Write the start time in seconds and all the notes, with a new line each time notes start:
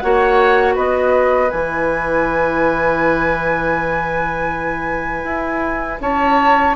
0.00 A#3 F#4 C#5 F#5
0.75 B3 B4 D#5
1.49 E3 E4 G#5
5.24 E4
6.01 C#4 C#5 A5